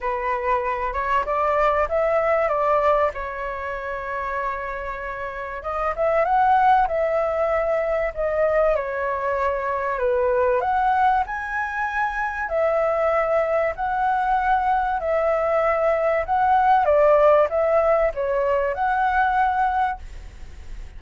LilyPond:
\new Staff \with { instrumentName = "flute" } { \time 4/4 \tempo 4 = 96 b'4. cis''8 d''4 e''4 | d''4 cis''2.~ | cis''4 dis''8 e''8 fis''4 e''4~ | e''4 dis''4 cis''2 |
b'4 fis''4 gis''2 | e''2 fis''2 | e''2 fis''4 d''4 | e''4 cis''4 fis''2 | }